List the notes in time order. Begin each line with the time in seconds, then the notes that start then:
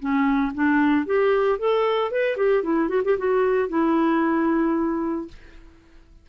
0.00 C#4
0.55 D4
1.07 G4
1.59 A4
2.12 B4
2.37 G4
2.64 E4
2.89 F#4
3.05 G4
3.18 F#4
3.69 E4